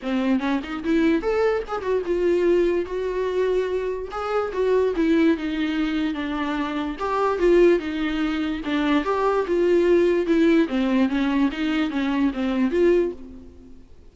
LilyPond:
\new Staff \with { instrumentName = "viola" } { \time 4/4 \tempo 4 = 146 c'4 cis'8 dis'8 e'4 a'4 | gis'8 fis'8 f'2 fis'4~ | fis'2 gis'4 fis'4 | e'4 dis'2 d'4~ |
d'4 g'4 f'4 dis'4~ | dis'4 d'4 g'4 f'4~ | f'4 e'4 c'4 cis'4 | dis'4 cis'4 c'4 f'4 | }